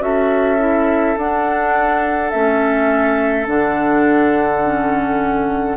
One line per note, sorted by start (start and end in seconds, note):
0.00 1.16 C#4
0.00 0.58 F#4
0.00 5.77 A4
0.00 1.18 E5
0.58 1.16 E4
1.17 2.33 D4
1.17 2.31 F#5
2.31 3.47 A3
2.31 3.47 C#4
2.31 3.46 E5
3.47 5.77 D3
3.47 4.63 D4
3.47 5.77 F#5
4.64 5.77 C#4